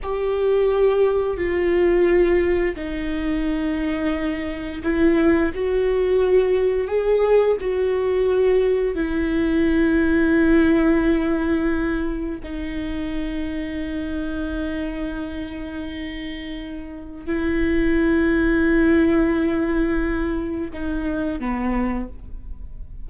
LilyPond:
\new Staff \with { instrumentName = "viola" } { \time 4/4 \tempo 4 = 87 g'2 f'2 | dis'2. e'4 | fis'2 gis'4 fis'4~ | fis'4 e'2.~ |
e'2 dis'2~ | dis'1~ | dis'4 e'2.~ | e'2 dis'4 b4 | }